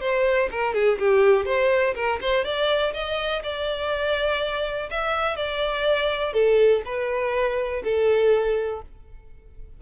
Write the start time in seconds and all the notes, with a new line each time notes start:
0.00 C5
0.51 A#4
0.74 G#4
0.99 G4
1.45 C5
1.94 A#4
2.21 C5
2.44 D5
2.94 D#5
3.43 D5
4.90 E5
5.36 D5
6.33 A4
6.85 B4
7.84 A4